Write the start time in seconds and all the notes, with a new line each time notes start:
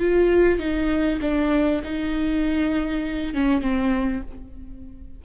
0.00 F4
0.60 D#4
1.22 D4
1.84 D#4
3.34 C#4
3.62 C4